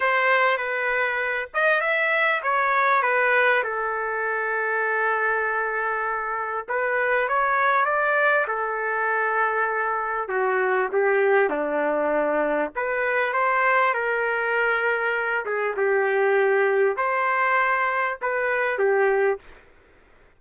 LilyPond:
\new Staff \with { instrumentName = "trumpet" } { \time 4/4 \tempo 4 = 99 c''4 b'4. dis''8 e''4 | cis''4 b'4 a'2~ | a'2. b'4 | cis''4 d''4 a'2~ |
a'4 fis'4 g'4 d'4~ | d'4 b'4 c''4 ais'4~ | ais'4. gis'8 g'2 | c''2 b'4 g'4 | }